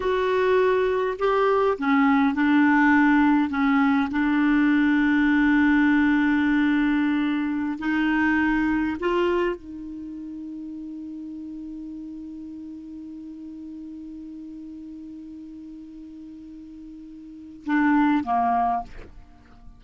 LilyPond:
\new Staff \with { instrumentName = "clarinet" } { \time 4/4 \tempo 4 = 102 fis'2 g'4 cis'4 | d'2 cis'4 d'4~ | d'1~ | d'4~ d'16 dis'2 f'8.~ |
f'16 dis'2.~ dis'8.~ | dis'1~ | dis'1~ | dis'2 d'4 ais4 | }